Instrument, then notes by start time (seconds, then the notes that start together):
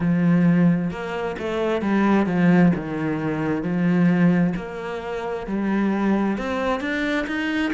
cello
0.00 F3
0.90 A#3
1.38 A3
1.81 G3
2.26 F3
2.75 D#3
3.62 F3
4.55 A#3
5.47 G3
6.37 C4
6.80 D4
7.26 D#4